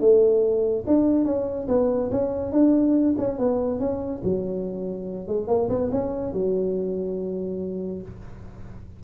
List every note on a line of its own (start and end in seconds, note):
0.00 0.85 A3
0.87 1.25 D4
1.25 1.67 C#4
1.68 2.10 B3
2.11 2.52 C#4
2.52 3.15 D4
3.18 3.38 C#4
3.38 3.80 B3
3.80 4.22 C#4
4.23 5.28 F#3
5.28 5.48 G#3
5.48 5.69 A#3
5.69 5.90 B3
5.92 6.33 C#4
6.33 8.02 F#3